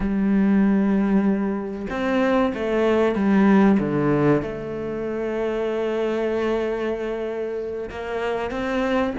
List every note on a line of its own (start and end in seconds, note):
0.00 1.87 G3
1.89 2.53 C4
2.54 3.15 A3
3.15 3.78 G3
3.79 4.42 D3
4.42 7.89 A3
7.89 8.51 A#3
8.51 9.14 C4